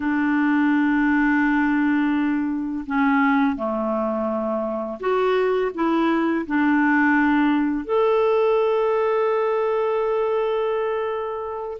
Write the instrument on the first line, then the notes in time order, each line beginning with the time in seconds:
clarinet
0.00 D4
2.86 C#4
3.56 A3
5.00 F#4
5.74 E4
6.46 D4
7.84 A4